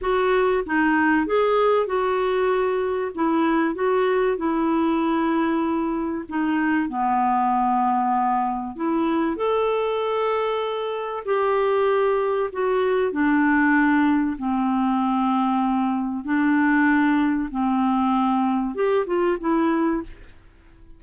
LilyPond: \new Staff \with { instrumentName = "clarinet" } { \time 4/4 \tempo 4 = 96 fis'4 dis'4 gis'4 fis'4~ | fis'4 e'4 fis'4 e'4~ | e'2 dis'4 b4~ | b2 e'4 a'4~ |
a'2 g'2 | fis'4 d'2 c'4~ | c'2 d'2 | c'2 g'8 f'8 e'4 | }